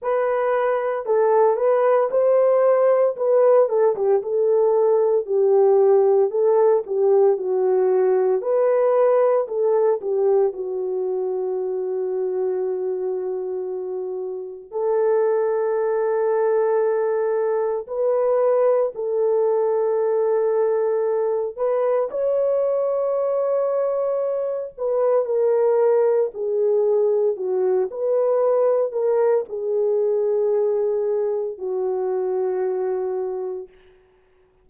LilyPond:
\new Staff \with { instrumentName = "horn" } { \time 4/4 \tempo 4 = 57 b'4 a'8 b'8 c''4 b'8 a'16 g'16 | a'4 g'4 a'8 g'8 fis'4 | b'4 a'8 g'8 fis'2~ | fis'2 a'2~ |
a'4 b'4 a'2~ | a'8 b'8 cis''2~ cis''8 b'8 | ais'4 gis'4 fis'8 b'4 ais'8 | gis'2 fis'2 | }